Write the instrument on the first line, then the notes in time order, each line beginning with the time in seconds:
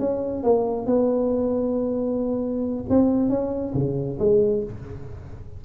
tuba
0.00 C#4
0.44 A#3
0.87 B3
2.90 C4
3.30 C#4
3.75 C#3
4.20 G#3